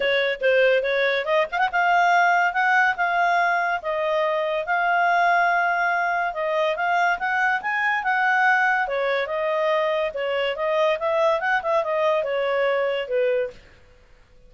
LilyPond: \new Staff \with { instrumentName = "clarinet" } { \time 4/4 \tempo 4 = 142 cis''4 c''4 cis''4 dis''8 f''16 fis''16 | f''2 fis''4 f''4~ | f''4 dis''2 f''4~ | f''2. dis''4 |
f''4 fis''4 gis''4 fis''4~ | fis''4 cis''4 dis''2 | cis''4 dis''4 e''4 fis''8 e''8 | dis''4 cis''2 b'4 | }